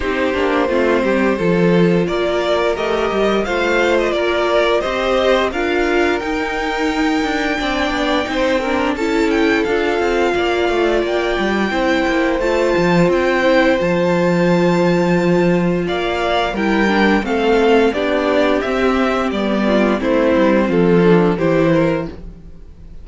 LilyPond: <<
  \new Staff \with { instrumentName = "violin" } { \time 4/4 \tempo 4 = 87 c''2. d''4 | dis''4 f''8. dis''16 d''4 dis''4 | f''4 g''2.~ | g''4 a''8 g''8 f''2 |
g''2 a''4 g''4 | a''2. f''4 | g''4 f''4 d''4 e''4 | d''4 c''4 a'4 c''4 | }
  \new Staff \with { instrumentName = "violin" } { \time 4/4 g'4 f'8 g'8 a'4 ais'4~ | ais'4 c''4 ais'4 c''4 | ais'2. d''4 | c''8 ais'8 a'2 d''4~ |
d''4 c''2.~ | c''2. d''4 | ais'4 a'4 g'2~ | g'8 f'8 e'4 f'4 g'8 ais'8 | }
  \new Staff \with { instrumentName = "viola" } { \time 4/4 dis'8 d'8 c'4 f'2 | g'4 f'2 g'4 | f'4 dis'2 d'4 | dis'8 d'8 e'4 f'2~ |
f'4 e'4 f'4. e'8 | f'1 | e'8 d'8 c'4 d'4 c'4 | b4 c'4. d'8 e'4 | }
  \new Staff \with { instrumentName = "cello" } { \time 4/4 c'8 ais8 a8 g8 f4 ais4 | a8 g8 a4 ais4 c'4 | d'4 dis'4. d'8 c'8 b8 | c'4 cis'4 d'8 c'8 ais8 a8 |
ais8 g8 c'8 ais8 a8 f8 c'4 | f2. ais4 | g4 a4 b4 c'4 | g4 a8 g8 f4 e4 | }
>>